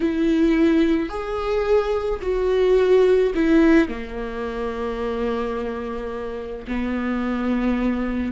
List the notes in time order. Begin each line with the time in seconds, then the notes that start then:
0.00 E4
1.09 G#4
2.21 F#4
3.34 E4
3.88 A#3
6.67 B3